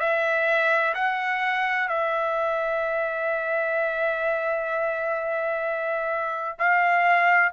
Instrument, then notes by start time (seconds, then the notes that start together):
trumpet
0.00 E5
0.94 F#5
1.88 E5
6.58 F5